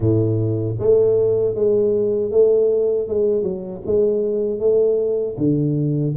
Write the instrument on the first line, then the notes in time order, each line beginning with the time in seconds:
tuba
0.00 A2
0.79 A3
1.55 G#3
2.31 A3
3.08 G#3
3.42 F#3
3.85 G#3
4.59 A3
5.37 D3